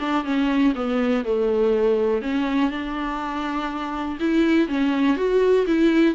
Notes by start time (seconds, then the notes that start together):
0.00 D4
0.24 C#4
0.75 B3
1.25 A3
2.22 C#4
2.71 D4
4.20 E4
4.69 C#4
5.17 F#4
5.67 E4